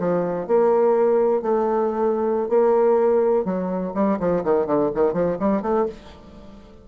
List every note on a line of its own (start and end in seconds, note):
0.00 0.48 F3
0.48 1.42 A#3
1.42 2.49 A3
2.49 3.45 A#3
3.46 3.94 F#3
3.95 4.19 G3
4.20 4.44 F3
4.45 4.67 D#3
4.67 4.91 D3
4.95 5.14 D#3
5.14 5.38 F3
5.40 5.62 G3
5.62 5.86 A3